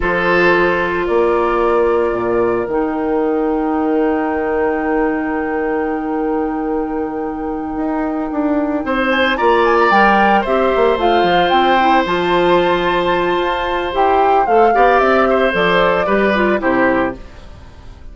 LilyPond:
<<
  \new Staff \with { instrumentName = "flute" } { \time 4/4 \tempo 4 = 112 c''2 d''2~ | d''4 g''2.~ | g''1~ | g''1~ |
g''4 gis''8 ais''8 gis''16 ais''16 g''4 e''8~ | e''8 f''4 g''4 a''4.~ | a''2 g''4 f''4 | e''4 d''2 c''4 | }
  \new Staff \with { instrumentName = "oboe" } { \time 4/4 a'2 ais'2~ | ais'1~ | ais'1~ | ais'1~ |
ais'8 c''4 d''2 c''8~ | c''1~ | c''2.~ c''8 d''8~ | d''8 c''4. b'4 g'4 | }
  \new Staff \with { instrumentName = "clarinet" } { \time 4/4 f'1~ | f'4 dis'2.~ | dis'1~ | dis'1~ |
dis'4. f'4 ais'4 g'8~ | g'8 f'4. e'8 f'4.~ | f'2 g'4 a'8 g'8~ | g'4 a'4 g'8 f'8 e'4 | }
  \new Staff \with { instrumentName = "bassoon" } { \time 4/4 f2 ais2 | ais,4 dis2.~ | dis1~ | dis2~ dis8 dis'4 d'8~ |
d'8 c'4 ais4 g4 c'8 | ais8 a8 f8 c'4 f4.~ | f4 f'4 e'4 a8 b8 | c'4 f4 g4 c4 | }
>>